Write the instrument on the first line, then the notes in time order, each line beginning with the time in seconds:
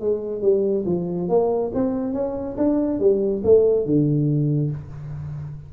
tuba
0.00 G#3
0.42 G3
0.86 F3
1.29 A#3
1.74 C4
2.13 C#4
2.57 D4
3.00 G3
3.44 A3
3.86 D3